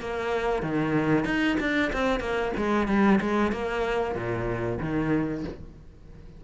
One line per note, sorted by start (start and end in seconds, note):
0.00 0.62 A#3
0.62 1.24 D#3
1.24 1.56 D#4
1.60 1.91 D4
1.92 2.20 C4
2.20 2.52 A#3
2.56 2.87 G#3
2.87 3.19 G3
3.21 3.51 G#3
3.51 4.15 A#3
4.15 4.79 A#2
4.80 5.43 D#3